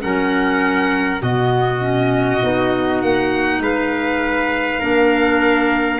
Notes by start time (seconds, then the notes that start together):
0.00 F#3 C#4 A#4 F#5
1.21 B2 B3 F#4 D#5
1.80 C#4
2.42 B3 D#4
3.01 A#3 F#5
3.59 G#3 B4 F5
4.79 A#3 D4 A#4